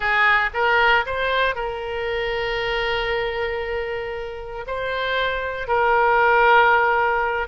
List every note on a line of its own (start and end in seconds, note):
0.00 0.49 G#4
0.53 1.05 A#4
1.06 1.55 C5
1.55 4.65 A#4
4.66 5.67 C5
5.67 7.47 A#4